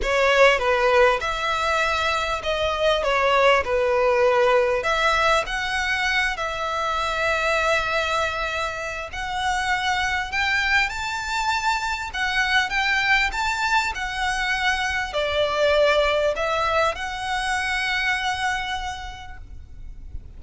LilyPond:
\new Staff \with { instrumentName = "violin" } { \time 4/4 \tempo 4 = 99 cis''4 b'4 e''2 | dis''4 cis''4 b'2 | e''4 fis''4. e''4.~ | e''2. fis''4~ |
fis''4 g''4 a''2 | fis''4 g''4 a''4 fis''4~ | fis''4 d''2 e''4 | fis''1 | }